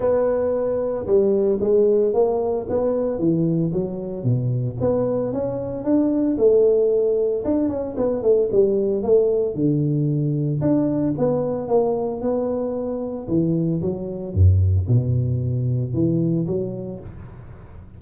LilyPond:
\new Staff \with { instrumentName = "tuba" } { \time 4/4 \tempo 4 = 113 b2 g4 gis4 | ais4 b4 e4 fis4 | b,4 b4 cis'4 d'4 | a2 d'8 cis'8 b8 a8 |
g4 a4 d2 | d'4 b4 ais4 b4~ | b4 e4 fis4 fis,4 | b,2 e4 fis4 | }